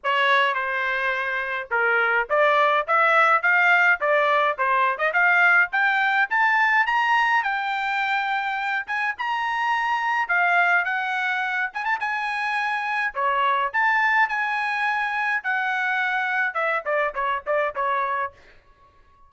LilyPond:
\new Staff \with { instrumentName = "trumpet" } { \time 4/4 \tempo 4 = 105 cis''4 c''2 ais'4 | d''4 e''4 f''4 d''4 | c''8. dis''16 f''4 g''4 a''4 | ais''4 g''2~ g''8 gis''8 |
ais''2 f''4 fis''4~ | fis''8 gis''16 a''16 gis''2 cis''4 | a''4 gis''2 fis''4~ | fis''4 e''8 d''8 cis''8 d''8 cis''4 | }